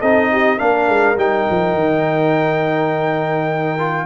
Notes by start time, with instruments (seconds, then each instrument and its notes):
0.00 tuba C4, trombone D#4, horn A4, trumpet D#5
0.32 horn G4
0.57 tuba A#3, trombone D4, horn A#4, trumpet F5
0.88 tuba G#3
1.16 tuba G3, trombone D#4, trumpet G5
1.50 tuba F3
1.73 tuba D#3
3.78 trombone F4